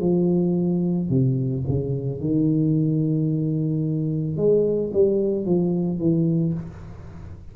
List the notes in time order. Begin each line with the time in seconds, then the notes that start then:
0.00 F3
1.09 C3
1.68 C#3
2.20 D#3
4.36 G#3
4.93 G3
5.45 F3
5.99 E3